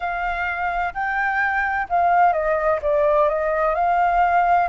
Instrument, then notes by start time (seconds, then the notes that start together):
flute
0.00 F5
0.94 G5
1.89 F5
2.32 D#5
2.82 D5
3.29 D#5
3.75 F5